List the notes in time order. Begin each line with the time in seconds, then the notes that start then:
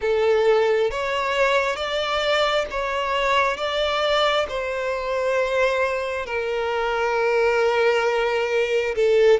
0.01 A4
0.90 C#5
1.76 D5
2.70 C#5
3.56 D5
4.49 C5
6.26 A#4
8.95 A4